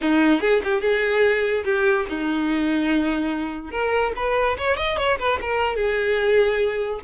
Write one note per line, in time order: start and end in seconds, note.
0.01 0.40 D#4
0.40 0.61 G#4
0.64 0.81 G4
0.81 1.64 G#4
1.64 2.06 G4
2.09 3.71 D#4
3.71 4.12 A#4
4.15 4.57 B4
4.57 4.76 C#5
4.76 4.97 D#5
4.97 5.18 C#5
5.19 5.39 B4
5.41 5.76 A#4
5.76 7.00 G#4